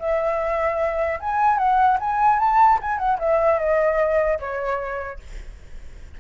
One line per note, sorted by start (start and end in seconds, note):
0.00 1.20 E5
1.20 1.58 G#5
1.58 1.98 F#5
2.00 2.40 G#5
2.40 2.80 A5
2.82 2.99 G#5
2.99 3.19 F#5
3.19 3.59 E5
3.59 4.39 D#5
4.40 5.20 C#5